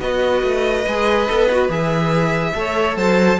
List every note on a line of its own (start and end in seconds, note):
0.00 0.42 B3
0.00 0.85 F#4
0.00 2.55 B4
0.00 1.70 D#5
0.44 0.86 A3
0.87 1.29 G#3
0.87 1.29 G#4
1.29 1.69 B3
1.29 1.50 A4
1.51 1.69 F#4
1.69 2.53 E3
1.69 2.53 G#4
1.69 2.97 E5
2.55 2.97 A3
2.55 3.40 A4
2.55 2.97 C#5
2.97 3.39 F#3
2.97 3.40 C5
2.97 3.40 A5